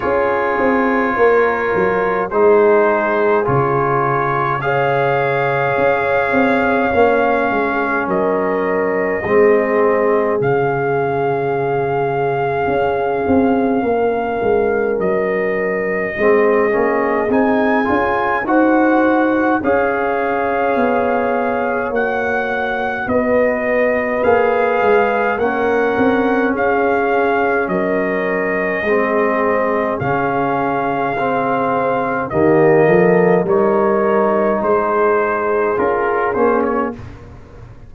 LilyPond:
<<
  \new Staff \with { instrumentName = "trumpet" } { \time 4/4 \tempo 4 = 52 cis''2 c''4 cis''4 | f''2. dis''4~ | dis''4 f''2.~ | f''4 dis''2 gis''4 |
fis''4 f''2 fis''4 | dis''4 f''4 fis''4 f''4 | dis''2 f''2 | dis''4 cis''4 c''4 ais'8 c''16 cis''16 | }
  \new Staff \with { instrumentName = "horn" } { \time 4/4 gis'4 ais'4 gis'2 | cis''2~ cis''8 gis'8 ais'4 | gis'1 | ais'2 gis'2 |
c''4 cis''2. | b'2 ais'4 gis'4 | ais'4 gis'2. | g'8 a'8 ais'4 gis'2 | }
  \new Staff \with { instrumentName = "trombone" } { \time 4/4 f'2 dis'4 f'4 | gis'2 cis'2 | c'4 cis'2.~ | cis'2 c'8 cis'8 dis'8 f'8 |
fis'4 gis'2 fis'4~ | fis'4 gis'4 cis'2~ | cis'4 c'4 cis'4 c'4 | ais4 dis'2 f'8 cis'8 | }
  \new Staff \with { instrumentName = "tuba" } { \time 4/4 cis'8 c'8 ais8 fis8 gis4 cis4~ | cis4 cis'8 c'8 ais8 gis8 fis4 | gis4 cis2 cis'8 c'8 | ais8 gis8 fis4 gis8 ais8 c'8 cis'8 |
dis'4 cis'4 b4 ais4 | b4 ais8 gis8 ais8 c'8 cis'4 | fis4 gis4 cis2 | dis8 f8 g4 gis4 cis'8 ais8 | }
>>